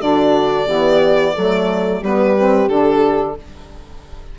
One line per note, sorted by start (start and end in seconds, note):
0.00 0.68 D3
0.00 0.67 D4
0.00 0.66 F#4
0.00 2.03 D5
0.66 1.35 E3
0.66 1.35 B3
0.66 1.34 G4
1.35 2.02 F#3
1.35 2.03 A3
1.35 2.01 A4
2.01 2.69 G3
2.01 2.37 B3
2.01 3.36 G4
2.01 2.68 B4
2.37 2.71 C4
2.68 3.36 D3
2.68 3.38 D4
2.68 3.36 A4